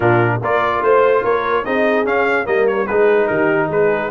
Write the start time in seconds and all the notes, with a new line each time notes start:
0.00 A#2 D4 F4 A#4
0.40 A#3 F4 A#4 D5
0.82 A3 C5
1.23 A#3 A#4 C#5
1.65 C4 D#4 G#4 D#5
2.04 C#4 F5
2.44 G3 A#3 A#4 D#5
2.67 C#5
2.86 G#3 D#4 G#4 B4
3.27 D#3 G4 A#4
3.68 G#3 G#4 B4